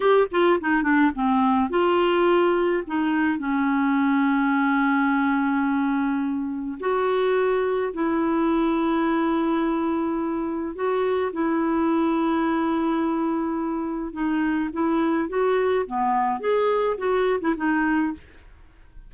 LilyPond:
\new Staff \with { instrumentName = "clarinet" } { \time 4/4 \tempo 4 = 106 g'8 f'8 dis'8 d'8 c'4 f'4~ | f'4 dis'4 cis'2~ | cis'1 | fis'2 e'2~ |
e'2. fis'4 | e'1~ | e'4 dis'4 e'4 fis'4 | b4 gis'4 fis'8. e'16 dis'4 | }